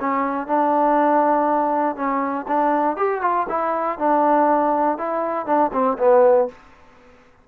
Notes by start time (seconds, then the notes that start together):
0.00 C#4
0.47 D4
1.96 C#4
2.48 D4
2.96 G4
3.21 F4
3.49 E4
3.98 D4
4.97 E4
5.46 D4
5.72 C4
5.98 B3